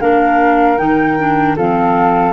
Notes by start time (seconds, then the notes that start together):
0.00 A#3 D4 A#4 F5
0.77 D#3 D#4 G5
1.18 D4
1.56 F3 C4 A4 F5